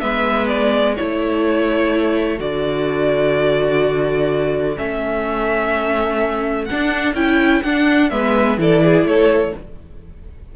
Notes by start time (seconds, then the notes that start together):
0.00 G#3 B3 B4 E5
0.48 D5
0.96 A3 E4 A4 C#5
2.38 D3 F#4 D5
4.76 A3 C#4 E5
6.65 D4 F#5
6.72 D4
7.14 C#4 E4 G5
7.63 D4 F#5
8.10 G#3 B3 B4 E5
8.58 E3 E4 A4 D5
8.84 G#4
9.05 A3 A4 C#5